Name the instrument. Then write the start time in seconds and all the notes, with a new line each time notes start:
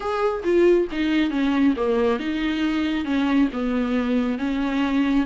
viola
0.00 G#4
0.43 F4
0.91 D#4
1.30 C#4
1.76 A#3
2.19 D#4
3.04 C#4
3.52 B3
4.38 C#4